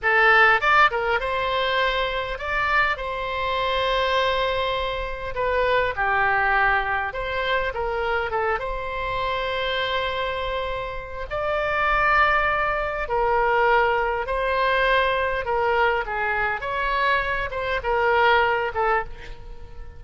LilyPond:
\new Staff \with { instrumentName = "oboe" } { \time 4/4 \tempo 4 = 101 a'4 d''8 ais'8 c''2 | d''4 c''2.~ | c''4 b'4 g'2 | c''4 ais'4 a'8 c''4.~ |
c''2. d''4~ | d''2 ais'2 | c''2 ais'4 gis'4 | cis''4. c''8 ais'4. a'8 | }